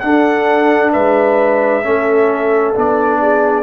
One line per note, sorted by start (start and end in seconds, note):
0.00 1.84 D4
0.00 0.94 D4
0.00 0.92 A4
0.00 0.91 F#5
0.92 1.85 G#3
0.92 1.83 B4
0.92 2.75 E5
1.84 2.76 A3
1.84 2.74 C#4
1.84 3.21 A4
2.75 3.63 B3
2.75 3.63 D4
2.75 3.63 D5
3.21 3.63 G#4